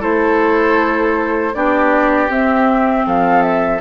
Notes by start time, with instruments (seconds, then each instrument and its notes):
0.00 bassoon A3, clarinet E4, oboe A4, flute C5
1.54 bassoon B3, clarinet D4, oboe G4, flute D5
2.29 clarinet C4, bassoon C4, flute E5
3.06 bassoon F3, oboe A4, flute F5
3.42 flute E5